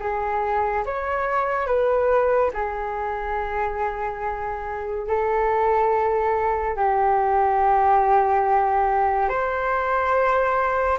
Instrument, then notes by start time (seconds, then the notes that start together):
flute
0.00 G#4
0.86 C#5
1.67 B4
2.54 G#4
5.07 A4
6.76 G4
9.29 C5